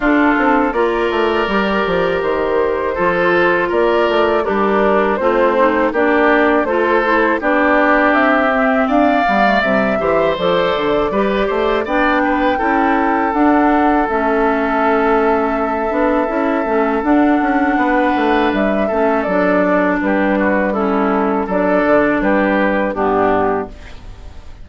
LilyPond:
<<
  \new Staff \with { instrumentName = "flute" } { \time 4/4 \tempo 4 = 81 a'4 d''2 c''4~ | c''4 d''4 ais'4 c''4 | d''4 c''4 d''4 e''4 | f''4 e''4 d''2 |
g''2 fis''4 e''4~ | e''2. fis''4~ | fis''4 e''4 d''4 b'4 | a'4 d''4 b'4 g'4 | }
  \new Staff \with { instrumentName = "oboe" } { \time 4/4 f'4 ais'2. | a'4 ais'4 d'4 c'4 | g'4 a'4 g'2 | d''4. c''4. b'8 c''8 |
d''8 b'8 a'2.~ | a'1 | b'4. a'4. g'8 fis'8 | e'4 a'4 g'4 d'4 | }
  \new Staff \with { instrumentName = "clarinet" } { \time 4/4 d'4 f'4 g'2 | f'2 g'4 f'8 dis'8 | d'4 f'8 e'8 d'4. c'8~ | c'8 b16 a16 g8 g'8 a'4 g'4 |
d'4 e'4 d'4 cis'4~ | cis'4. d'8 e'8 cis'8 d'4~ | d'4. cis'8 d'2 | cis'4 d'2 b4 | }
  \new Staff \with { instrumentName = "bassoon" } { \time 4/4 d'8 c'8 ais8 a8 g8 f8 dis4 | f4 ais8 a8 g4 a4 | ais4 a4 b4 c'4 | d'8 g8 c8 e8 f8 d8 g8 a8 |
b4 cis'4 d'4 a4~ | a4. b8 cis'8 a8 d'8 cis'8 | b8 a8 g8 a8 fis4 g4~ | g4 fis8 d8 g4 g,4 | }
>>